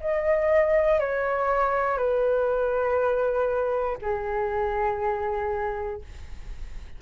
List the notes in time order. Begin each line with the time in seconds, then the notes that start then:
0.00 D#5
1.00 C#5
1.97 B4
4.01 G#4